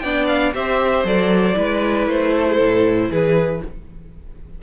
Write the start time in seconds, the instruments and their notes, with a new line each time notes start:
0.00 cello B3, viola D4, violin D5 G5
0.27 violin F5
0.54 cello C4, viola G4, violin C5 E5
1.04 cello F#3, viola A4, violin D5
1.54 cello G#3, viola E4, violin B4
2.07 cello A3, violin C5
2.35 violin A4
2.48 violin G#4
2.55 cello A2, violin A4
3.10 cello E3, violin G#4 B4